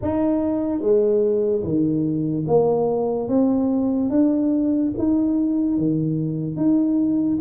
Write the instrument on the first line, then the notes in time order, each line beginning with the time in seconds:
tuba
0.02 D#4
0.80 G#3
1.63 D#3
2.47 A#3
3.28 C4
4.09 D4
4.98 D#4
5.77 D#3
6.56 D#4